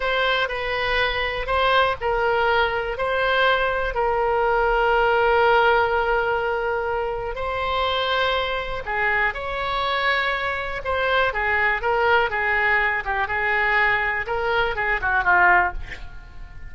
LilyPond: \new Staff \with { instrumentName = "oboe" } { \time 4/4 \tempo 4 = 122 c''4 b'2 c''4 | ais'2 c''2 | ais'1~ | ais'2. c''4~ |
c''2 gis'4 cis''4~ | cis''2 c''4 gis'4 | ais'4 gis'4. g'8 gis'4~ | gis'4 ais'4 gis'8 fis'8 f'4 | }